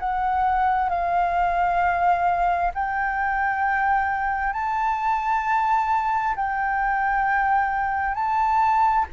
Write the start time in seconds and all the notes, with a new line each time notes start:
0.00 F#5
0.90 F5
2.75 G5
4.53 A5
6.36 G5
8.15 A5